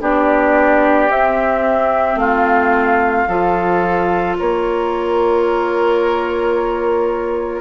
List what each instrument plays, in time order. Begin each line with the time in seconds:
0.00 bassoon B3, clarinet D4, oboe G4, flute D5
1.09 clarinet C4, bassoon C4, flute E5
2.15 bassoon A3, oboe F4, flute F5
3.27 bassoon F3, clarinet F4, oboe A4
4.37 bassoon A#3, oboe A#4, flute C#5